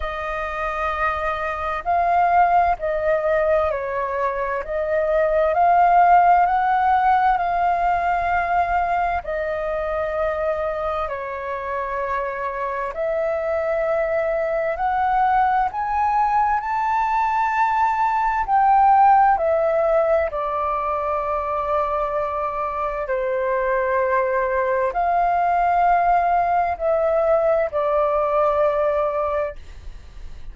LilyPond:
\new Staff \with { instrumentName = "flute" } { \time 4/4 \tempo 4 = 65 dis''2 f''4 dis''4 | cis''4 dis''4 f''4 fis''4 | f''2 dis''2 | cis''2 e''2 |
fis''4 gis''4 a''2 | g''4 e''4 d''2~ | d''4 c''2 f''4~ | f''4 e''4 d''2 | }